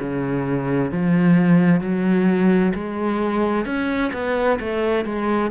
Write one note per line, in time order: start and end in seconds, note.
0.00 0.91 C#3
0.91 1.81 F3
1.81 2.73 F#3
2.74 3.65 G#3
3.65 4.12 C#4
4.13 4.59 B3
4.60 5.05 A3
5.05 5.51 G#3